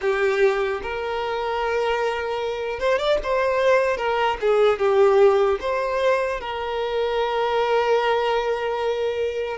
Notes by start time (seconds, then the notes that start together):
0.01 G4
0.82 A#4
2.79 C5
2.98 D5
3.23 C5
3.97 A#4
4.40 G#4
4.79 G4
5.60 C5
6.40 A#4